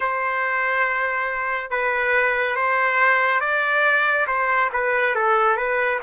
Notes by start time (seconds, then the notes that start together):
0.00 C5
1.70 B4
2.56 C5
3.40 D5
4.27 C5
4.73 B4
5.15 A4
5.56 B4